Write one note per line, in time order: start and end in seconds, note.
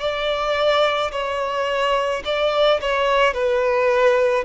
0.00 1.11 D5
1.12 2.23 C#5
2.25 2.80 D5
2.81 3.34 C#5
3.34 4.45 B4